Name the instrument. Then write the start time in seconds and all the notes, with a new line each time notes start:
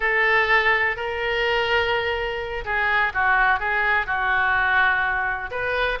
oboe
0.00 A4
0.96 A#4
2.64 G#4
3.13 F#4
3.59 G#4
4.06 F#4
5.50 B4